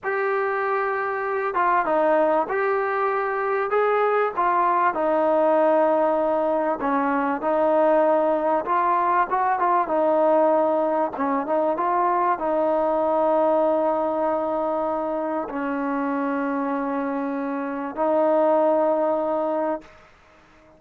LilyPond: \new Staff \with { instrumentName = "trombone" } { \time 4/4 \tempo 4 = 97 g'2~ g'8 f'8 dis'4 | g'2 gis'4 f'4 | dis'2. cis'4 | dis'2 f'4 fis'8 f'8 |
dis'2 cis'8 dis'8 f'4 | dis'1~ | dis'4 cis'2.~ | cis'4 dis'2. | }